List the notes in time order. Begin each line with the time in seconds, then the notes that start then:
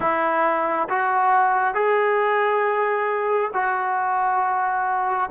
0.00 E4
0.89 F#4
1.74 G#4
3.53 F#4